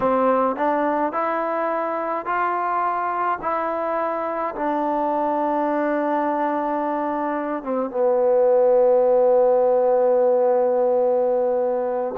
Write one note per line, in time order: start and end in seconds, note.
0.00 0.56 C4
0.56 1.12 D4
1.12 2.25 E4
2.25 3.39 F4
3.41 4.54 E4
4.55 7.63 D4
7.63 7.90 C4
7.90 12.14 B3